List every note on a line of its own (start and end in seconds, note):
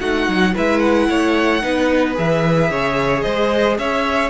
0.00 0.28 A3
0.00 0.55 D#4
0.00 0.54 F#4
0.00 0.54 F#5
0.28 0.55 F#3
0.54 1.09 G#3
0.54 1.62 E4
0.54 1.08 B4
0.54 0.79 E5
0.79 2.14 F#5
1.09 1.63 A3
1.09 1.63 C#5
1.62 2.17 B3
1.62 2.14 D#4
1.62 2.71 B4
2.14 2.70 E3
2.14 4.30 G#4
2.14 3.22 E5
2.70 3.24 C#3
2.70 3.24 C#5
3.22 3.78 G#3
3.22 3.78 C5
3.22 3.76 D#5
3.78 4.30 C#4
3.78 4.30 C#5
3.78 4.30 E5